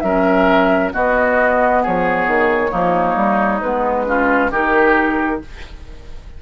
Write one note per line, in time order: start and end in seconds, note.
0.00 0.92 F#3
0.00 0.92 C#4
0.00 0.93 A#4
0.00 0.90 E5
0.92 2.69 B3
0.92 1.85 B3
0.92 1.83 F#4
0.92 1.84 D#5
1.83 2.27 F3
1.83 2.71 G#4
1.83 3.62 C#5
2.27 2.72 D#3
2.69 3.16 F3
2.69 3.59 A#3
2.69 4.06 D#4
3.16 3.61 G3
3.62 4.51 G#3
3.62 4.06 B3
3.62 4.51 B4
4.06 4.51 C#4
4.06 4.51 F4
4.51 5.40 D#3
4.51 5.41 D#4
4.51 5.41 G4
4.51 5.42 A#4